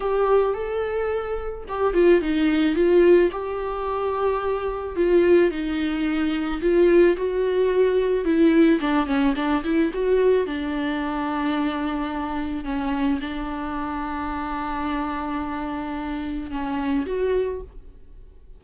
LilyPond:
\new Staff \with { instrumentName = "viola" } { \time 4/4 \tempo 4 = 109 g'4 a'2 g'8 f'8 | dis'4 f'4 g'2~ | g'4 f'4 dis'2 | f'4 fis'2 e'4 |
d'8 cis'8 d'8 e'8 fis'4 d'4~ | d'2. cis'4 | d'1~ | d'2 cis'4 fis'4 | }